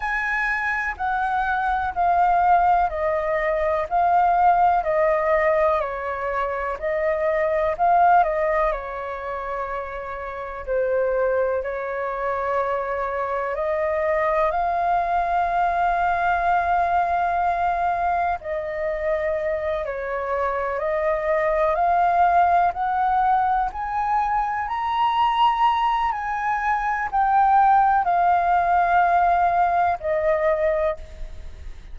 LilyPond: \new Staff \with { instrumentName = "flute" } { \time 4/4 \tempo 4 = 62 gis''4 fis''4 f''4 dis''4 | f''4 dis''4 cis''4 dis''4 | f''8 dis''8 cis''2 c''4 | cis''2 dis''4 f''4~ |
f''2. dis''4~ | dis''8 cis''4 dis''4 f''4 fis''8~ | fis''8 gis''4 ais''4. gis''4 | g''4 f''2 dis''4 | }